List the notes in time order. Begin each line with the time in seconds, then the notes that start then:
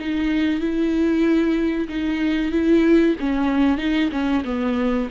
0.00 D#4
0.60 E4
1.89 D#4
2.52 E4
3.20 C#4
3.78 D#4
4.12 C#4
4.45 B3